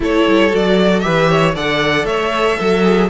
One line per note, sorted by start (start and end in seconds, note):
0.00 0.26 A3
0.00 0.50 E4
0.00 1.04 A4
0.00 0.55 C#5
0.27 0.53 G3
0.50 1.05 F#3
0.50 1.01 F#4
0.50 0.99 D5
0.99 1.55 E3
0.99 1.53 G4
0.99 1.29 B4
0.99 1.51 E5
1.29 1.55 C#5
1.55 2.04 D3
1.55 2.84 A4
1.55 2.06 D5
1.55 2.05 F#5
2.04 2.56 A3
2.04 2.58 C#5
2.04 3.09 E5
2.58 3.09 F#3
2.58 3.09 A4
2.84 3.09 G#4